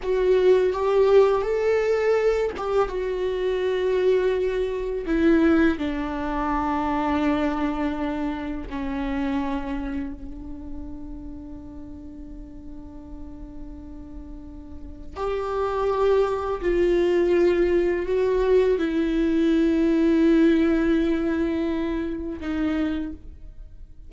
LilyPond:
\new Staff \with { instrumentName = "viola" } { \time 4/4 \tempo 4 = 83 fis'4 g'4 a'4. g'8 | fis'2. e'4 | d'1 | cis'2 d'2~ |
d'1~ | d'4 g'2 f'4~ | f'4 fis'4 e'2~ | e'2. dis'4 | }